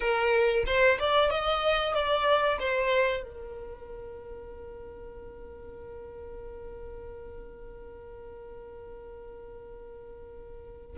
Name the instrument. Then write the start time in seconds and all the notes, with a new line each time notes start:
violin
0.00 A#4
0.66 C5
0.99 D5
1.30 D#5
1.94 D5
2.59 C5
3.23 A#4